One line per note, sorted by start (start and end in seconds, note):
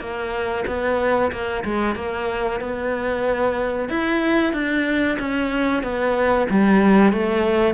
0.00 0.65 A#3
0.67 1.31 B3
1.31 1.64 A#3
1.64 1.95 G#3
1.95 2.60 A#3
2.60 3.89 B3
3.89 4.53 E4
4.53 5.17 D4
5.19 5.83 C#4
5.83 6.47 B3
6.50 7.12 G3
7.12 7.74 A3